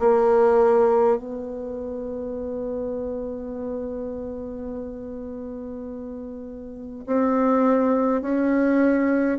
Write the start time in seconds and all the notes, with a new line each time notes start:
0.00 A#3
1.17 B3
7.07 C4
8.22 C#4